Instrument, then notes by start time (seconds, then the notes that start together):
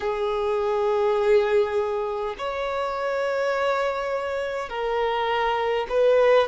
violin
0.00 G#4
2.37 C#5
4.69 A#4
5.89 B4